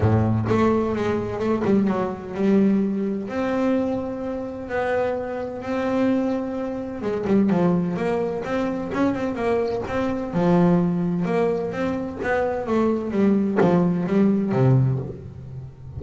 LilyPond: \new Staff \with { instrumentName = "double bass" } { \time 4/4 \tempo 4 = 128 a,4 a4 gis4 a8 g8 | fis4 g2 c'4~ | c'2 b2 | c'2. gis8 g8 |
f4 ais4 c'4 cis'8 c'8 | ais4 c'4 f2 | ais4 c'4 b4 a4 | g4 f4 g4 c4 | }